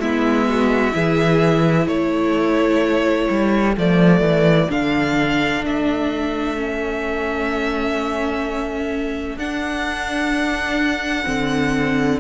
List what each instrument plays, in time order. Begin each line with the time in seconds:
0.00 cello G#3, viola B3, violin E4 E5
0.48 violin F#4
0.92 cello E3, viola E4, violin G#4
1.88 cello A3, violin A4 C#5
3.30 cello G3
3.77 cello F3, viola A3, violin D5
4.21 cello E3
4.70 cello D3, viola D4, violin F5
5.64 cello A3, violin E5
6.57 viola C#4
9.37 cello D4, viola D4, violin F#5
11.25 cello D3, viola C4